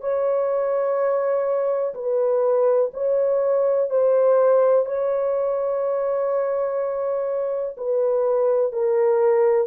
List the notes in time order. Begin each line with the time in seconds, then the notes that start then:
0.00 C#5
1.94 B4
2.93 C#5
3.90 C5
4.85 C#5
7.77 B4
8.72 A#4